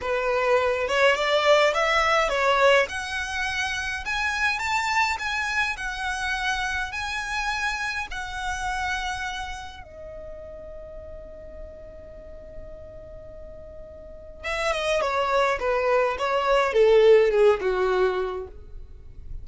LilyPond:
\new Staff \with { instrumentName = "violin" } { \time 4/4 \tempo 4 = 104 b'4. cis''8 d''4 e''4 | cis''4 fis''2 gis''4 | a''4 gis''4 fis''2 | gis''2 fis''2~ |
fis''4 dis''2.~ | dis''1~ | dis''4 e''8 dis''8 cis''4 b'4 | cis''4 a'4 gis'8 fis'4. | }